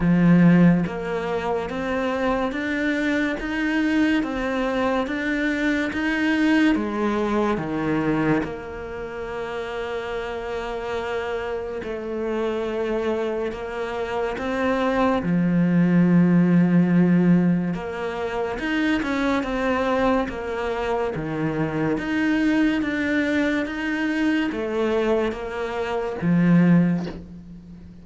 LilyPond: \new Staff \with { instrumentName = "cello" } { \time 4/4 \tempo 4 = 71 f4 ais4 c'4 d'4 | dis'4 c'4 d'4 dis'4 | gis4 dis4 ais2~ | ais2 a2 |
ais4 c'4 f2~ | f4 ais4 dis'8 cis'8 c'4 | ais4 dis4 dis'4 d'4 | dis'4 a4 ais4 f4 | }